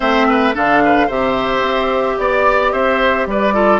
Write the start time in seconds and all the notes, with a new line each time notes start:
0.00 A3 C4 C5 E5
0.29 B4
0.54 D3 D4 A4 F5
0.84 B4
1.06 C3 G4 C5 E5
1.61 C4
2.18 B3 D5
2.72 C4 C5 E5
3.26 G3 B4 D5
3.53 F4 A4